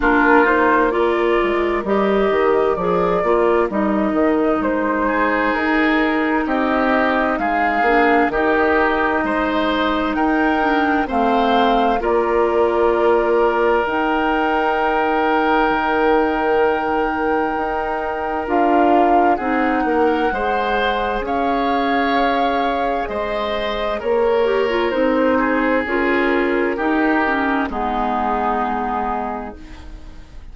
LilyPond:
<<
  \new Staff \with { instrumentName = "flute" } { \time 4/4 \tempo 4 = 65 ais'8 c''8 d''4 dis''4 d''4 | dis''4 c''4 ais'4 dis''4 | f''4 dis''2 g''4 | f''4 d''2 g''4~ |
g''1 | f''4 fis''2 f''4~ | f''4 dis''4 cis''4 c''4 | ais'2 gis'2 | }
  \new Staff \with { instrumentName = "oboe" } { \time 4/4 f'4 ais'2.~ | ais'4. gis'4. g'4 | gis'4 g'4 c''4 ais'4 | c''4 ais'2.~ |
ais'1~ | ais'4 gis'8 ais'8 c''4 cis''4~ | cis''4 c''4 ais'4. gis'8~ | gis'4 g'4 dis'2 | }
  \new Staff \with { instrumentName = "clarinet" } { \time 4/4 d'8 dis'8 f'4 g'4 gis'8 f'8 | dis'1~ | dis'8 d'8 dis'2~ dis'8 d'8 | c'4 f'2 dis'4~ |
dis'1 | f'4 dis'4 gis'2~ | gis'2~ gis'8 g'16 f'16 dis'4 | f'4 dis'8 cis'8 b2 | }
  \new Staff \with { instrumentName = "bassoon" } { \time 4/4 ais4. gis8 g8 dis8 f8 ais8 | g8 dis8 gis4 dis'4 c'4 | gis8 ais8 dis4 gis4 dis'4 | a4 ais2 dis'4~ |
dis'4 dis2 dis'4 | d'4 c'8 ais8 gis4 cis'4~ | cis'4 gis4 ais4 c'4 | cis'4 dis'4 gis2 | }
>>